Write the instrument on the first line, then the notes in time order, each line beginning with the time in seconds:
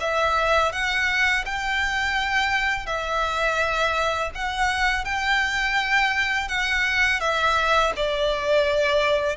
violin
0.00 E5
0.72 F#5
1.46 G5
2.86 E5
4.35 F#5
5.05 G5
6.48 F#5
7.20 E5
7.96 D5